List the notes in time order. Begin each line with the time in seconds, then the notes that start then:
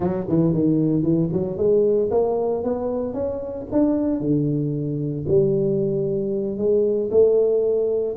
0.00 F#3
0.28 E3
0.53 D#3
1.02 E3
1.32 F#3
1.57 G#3
2.11 A#3
2.63 B3
3.13 C#4
3.72 D4
4.20 D3
5.28 G3
6.57 G#3
7.11 A3